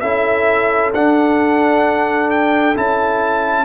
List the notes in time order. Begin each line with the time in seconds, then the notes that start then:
0.00 C#4 E4 A4 E5
0.93 D4 F#5
2.31 G5
2.75 C#4 E4 A5